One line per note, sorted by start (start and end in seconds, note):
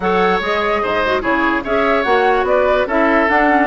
0.00 0.40 F#3
0.00 0.41 A4
0.00 0.82 C#5
0.00 0.39 F#5
0.40 0.81 G#3
0.40 1.03 G#4
0.40 1.22 D#5
0.82 1.24 G#2
0.82 1.22 C5
1.05 1.21 F#4
1.21 1.64 C#3
1.21 1.62 E4
1.21 1.63 G#4
1.21 1.63 C#5
1.63 2.05 C#4
1.63 2.05 G#4
1.63 2.46 C#5
1.63 2.03 E5
2.03 2.43 A#3
2.03 2.87 F#4
2.03 2.44 F#5
2.43 2.84 B3
2.43 2.87 D5
2.49 2.87 B4
2.86 3.27 C#4
2.86 3.29 E4
2.86 3.66 A4
2.86 3.29 E5
3.29 3.49 D4
3.29 3.66 D4
3.29 3.66 F#5
3.49 3.66 C#4